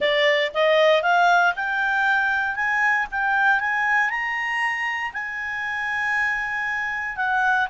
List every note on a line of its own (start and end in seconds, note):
0.00 0.52 D5
0.54 1.02 D#5
1.02 1.53 F5
1.55 2.55 G5
2.55 3.06 G#5
3.11 3.59 G5
3.59 4.09 G#5
4.09 5.12 A#5
5.13 7.16 G#5
7.16 7.67 F#5